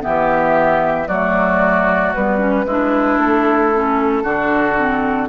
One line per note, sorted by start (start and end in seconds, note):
0.00 1.07 E3
0.00 1.05 B3
0.00 1.07 G4
0.00 1.08 E5
1.07 2.13 F#3
1.07 2.16 A3
1.07 2.65 F#4
1.07 2.13 D5
2.14 2.65 G3
2.14 2.38 B3
2.14 3.19 B4
2.38 2.64 C#4
2.65 3.18 G#3
2.65 3.74 D4
2.65 4.23 E4
3.18 4.23 A3
3.18 5.29 A4
3.74 4.23 C#4
4.23 5.29 D3
4.23 4.76 D4
4.23 5.28 F#4
4.77 5.29 C4